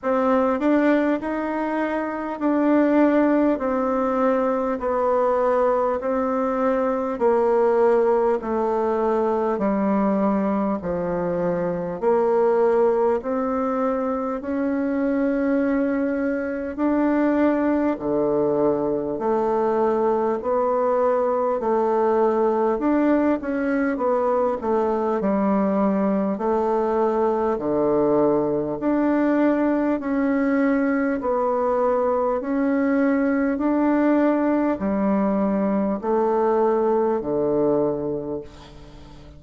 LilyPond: \new Staff \with { instrumentName = "bassoon" } { \time 4/4 \tempo 4 = 50 c'8 d'8 dis'4 d'4 c'4 | b4 c'4 ais4 a4 | g4 f4 ais4 c'4 | cis'2 d'4 d4 |
a4 b4 a4 d'8 cis'8 | b8 a8 g4 a4 d4 | d'4 cis'4 b4 cis'4 | d'4 g4 a4 d4 | }